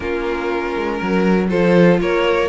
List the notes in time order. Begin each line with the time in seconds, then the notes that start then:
0.00 A#3 C#4 F4 A#4
0.76 G#3
0.97 F#3 A#4
1.49 F3 F4 A4 C5
2.00 A#3 A#4 C#5